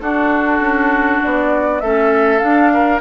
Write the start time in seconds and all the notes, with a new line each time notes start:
0.00 D4 F#4 A4
0.59 C#4
1.23 B3 D5
1.80 A3 C#4 A4 E5
2.39 D4 F5
2.73 A#4